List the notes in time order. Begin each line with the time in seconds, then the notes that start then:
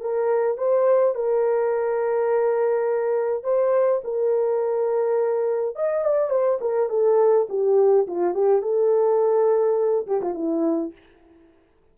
0.00 A#4
0.57 C5
1.14 A#4
3.44 C5
4.04 A#4
5.75 D#5
6.04 D5
6.30 C5
6.60 A#4
6.89 A4
7.49 G4
8.07 F4
8.34 G4
8.62 A4
10.07 G4
10.21 F4
10.34 E4